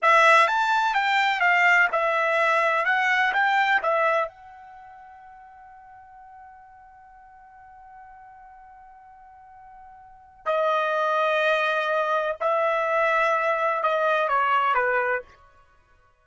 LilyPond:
\new Staff \with { instrumentName = "trumpet" } { \time 4/4 \tempo 4 = 126 e''4 a''4 g''4 f''4 | e''2 fis''4 g''4 | e''4 fis''2.~ | fis''1~ |
fis''1~ | fis''2 dis''2~ | dis''2 e''2~ | e''4 dis''4 cis''4 b'4 | }